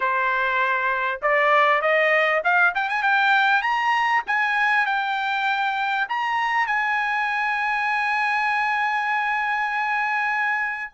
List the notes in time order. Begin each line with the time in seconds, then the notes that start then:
0.00 C5
1.21 D5
1.81 D#5
2.44 F5
2.74 G5
2.89 G#5
3.02 G5
3.62 A#5
4.26 G#5
4.86 G5
6.08 A#5
6.66 G#5